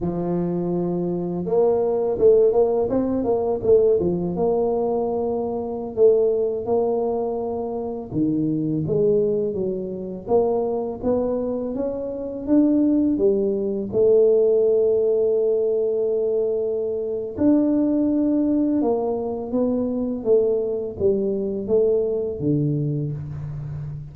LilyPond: \new Staff \with { instrumentName = "tuba" } { \time 4/4 \tempo 4 = 83 f2 ais4 a8 ais8 | c'8 ais8 a8 f8 ais2~ | ais16 a4 ais2 dis8.~ | dis16 gis4 fis4 ais4 b8.~ |
b16 cis'4 d'4 g4 a8.~ | a1 | d'2 ais4 b4 | a4 g4 a4 d4 | }